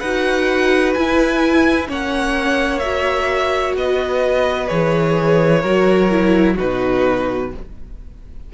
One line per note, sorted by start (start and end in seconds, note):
0.00 0.95 D#4
0.00 0.98 F#4
0.00 1.88 B4
0.00 0.94 F#5
0.94 1.89 E4
0.94 1.88 E4
0.94 1.88 G#5
1.88 3.76 A#3
1.88 2.81 C#4
1.88 3.77 C#5
1.88 2.79 F#5
2.79 4.68 F#4
2.79 3.73 E5
3.76 4.70 B3
3.76 5.61 B4
3.76 4.68 D#5
4.68 5.64 E3
4.68 5.62 G#4
4.68 6.55 C#5
5.61 6.58 F#3
5.61 6.11 F#4
5.61 6.55 A#4
6.11 6.58 E4
6.56 7.54 B2
6.56 7.52 D#4
6.56 7.49 F#4
6.56 7.53 B4